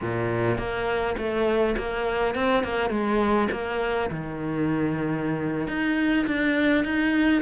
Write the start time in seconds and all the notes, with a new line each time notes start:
0.01 A#2
0.57 A#3
1.17 A3
1.77 A#3
2.34 C4
2.63 A#3
2.89 G#3
3.51 A#3
4.10 D#3
5.67 D#4
6.26 D4
6.84 D#4